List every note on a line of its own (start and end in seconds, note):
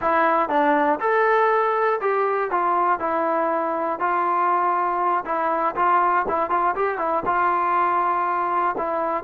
0.01 0.49 E4
0.49 0.99 D4
1.00 2.00 A4
2.00 2.50 G4
2.50 2.99 F4
2.99 3.99 E4
3.99 5.24 F4
5.25 5.75 E4
5.75 6.25 F4
6.28 6.50 E4
6.50 6.75 F4
6.75 6.97 G4
6.97 7.22 E4
7.25 8.75 F4
8.77 9.24 E4